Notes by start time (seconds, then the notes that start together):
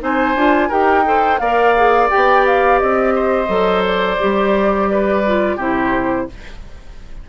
0.00 C4 D#4 C5 G#5
0.35 D4 F4
0.68 D#4 G4 A#4 G5
1.05 A4 C5
1.38 A#3 A#4 D5 F5
1.76 G#4
2.10 B3 G4 G5
2.46 F5
2.79 C4 D#5
3.15 C5
3.47 F#3 A4
3.85 D5
4.19 G3 G4
4.91 B4
5.26 F4
5.57 C3 E4 G4 C5